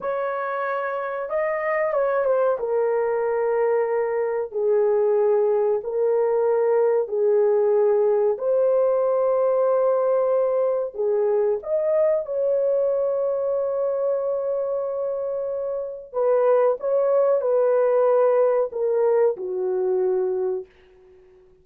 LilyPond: \new Staff \with { instrumentName = "horn" } { \time 4/4 \tempo 4 = 93 cis''2 dis''4 cis''8 c''8 | ais'2. gis'4~ | gis'4 ais'2 gis'4~ | gis'4 c''2.~ |
c''4 gis'4 dis''4 cis''4~ | cis''1~ | cis''4 b'4 cis''4 b'4~ | b'4 ais'4 fis'2 | }